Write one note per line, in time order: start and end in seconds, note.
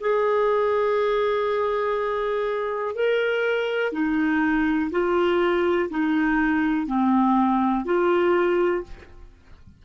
0.00 2.95 G#4
2.95 3.92 A#4
3.92 4.90 D#4
4.91 5.89 F4
5.89 6.86 D#4
6.86 7.85 C4
7.85 8.83 F4